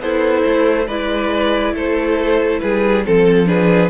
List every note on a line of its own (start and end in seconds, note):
0.00 0.43 B3
0.00 0.87 E4
0.00 0.88 A4
0.00 0.88 C5
0.45 0.87 A3
0.87 1.73 G#3
0.87 3.04 E4
0.87 1.74 B4
0.87 1.75 D5
1.73 2.60 A3
1.73 2.61 A4
1.73 2.60 C5
2.60 3.06 G3
2.60 3.06 G#4
2.60 3.03 B4
3.04 3.90 F3
3.04 3.47 C4
3.04 3.48 A4
3.47 3.90 D4
3.47 3.90 G#4
3.47 3.90 B4